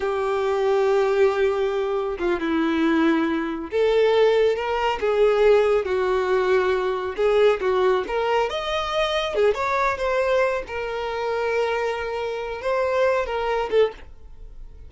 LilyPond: \new Staff \with { instrumentName = "violin" } { \time 4/4 \tempo 4 = 138 g'1~ | g'4 f'8 e'2~ e'8~ | e'8 a'2 ais'4 gis'8~ | gis'4. fis'2~ fis'8~ |
fis'8 gis'4 fis'4 ais'4 dis''8~ | dis''4. gis'8 cis''4 c''4~ | c''8 ais'2.~ ais'8~ | ais'4 c''4. ais'4 a'8 | }